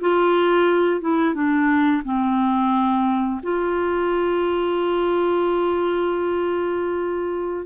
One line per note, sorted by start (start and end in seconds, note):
0.00 1.00 F4
1.00 1.34 E4
1.34 2.02 D4
2.04 3.41 C4
3.42 7.66 F4